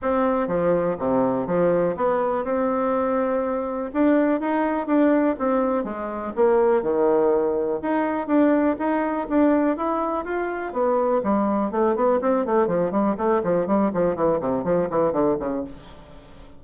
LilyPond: \new Staff \with { instrumentName = "bassoon" } { \time 4/4 \tempo 4 = 123 c'4 f4 c4 f4 | b4 c'2. | d'4 dis'4 d'4 c'4 | gis4 ais4 dis2 |
dis'4 d'4 dis'4 d'4 | e'4 f'4 b4 g4 | a8 b8 c'8 a8 f8 g8 a8 f8 | g8 f8 e8 c8 f8 e8 d8 cis8 | }